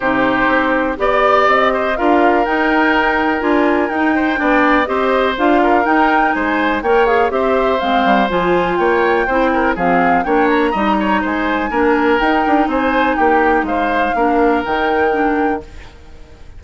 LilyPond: <<
  \new Staff \with { instrumentName = "flute" } { \time 4/4 \tempo 4 = 123 c''2 d''4 dis''4 | f''4 g''2 gis''4 | g''2 dis''4 f''4 | g''4 gis''4 g''8 f''8 e''4 |
f''4 gis''4 g''2 | f''4 g''8 ais''4. gis''4~ | gis''4 g''4 gis''4 g''4 | f''2 g''2 | }
  \new Staff \with { instrumentName = "oboe" } { \time 4/4 g'2 d''4. c''8 | ais'1~ | ais'8 c''8 d''4 c''4. ais'8~ | ais'4 c''4 cis''4 c''4~ |
c''2 cis''4 c''8 ais'8 | gis'4 cis''4 dis''8 cis''8 c''4 | ais'2 c''4 g'4 | c''4 ais'2. | }
  \new Staff \with { instrumentName = "clarinet" } { \time 4/4 dis'2 g'2 | f'4 dis'2 f'4 | dis'4 d'4 g'4 f'4 | dis'2 ais'8 gis'8 g'4 |
c'4 f'2 e'4 | c'4 d'4 dis'2 | d'4 dis'2.~ | dis'4 d'4 dis'4 d'4 | }
  \new Staff \with { instrumentName = "bassoon" } { \time 4/4 c4 c'4 b4 c'4 | d'4 dis'2 d'4 | dis'4 b4 c'4 d'4 | dis'4 gis4 ais4 c'4 |
gis8 g8 f4 ais4 c'4 | f4 ais4 g4 gis4 | ais4 dis'8 d'8 c'4 ais4 | gis4 ais4 dis2 | }
>>